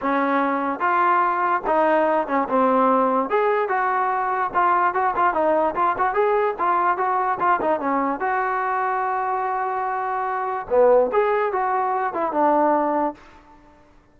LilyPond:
\new Staff \with { instrumentName = "trombone" } { \time 4/4 \tempo 4 = 146 cis'2 f'2 | dis'4. cis'8 c'2 | gis'4 fis'2 f'4 | fis'8 f'8 dis'4 f'8 fis'8 gis'4 |
f'4 fis'4 f'8 dis'8 cis'4 | fis'1~ | fis'2 b4 gis'4 | fis'4. e'8 d'2 | }